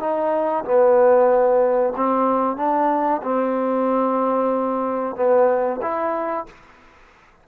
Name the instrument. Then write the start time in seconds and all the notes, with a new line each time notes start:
trombone
0.00 D#4
0.65 B3
1.96 C4
2.57 D4
3.23 C4
5.16 B3
5.82 E4